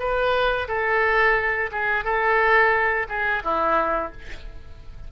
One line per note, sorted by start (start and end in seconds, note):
0.00 0.68 B4
0.68 1.71 A4
1.72 2.05 G#4
2.05 3.07 A4
3.09 3.43 G#4
3.44 4.12 E4